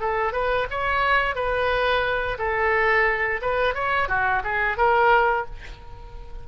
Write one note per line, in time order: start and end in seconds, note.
0.00 0.33 A4
0.33 0.67 B4
0.70 1.35 C#5
1.35 2.37 B4
2.38 3.41 A4
3.42 3.74 B4
3.74 4.08 C#5
4.08 4.42 F#4
4.43 4.77 G#4
4.77 5.45 A#4